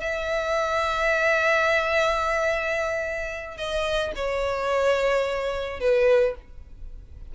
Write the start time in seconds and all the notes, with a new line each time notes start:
0.00 E5
3.57 D#5
4.15 C#5
5.79 B4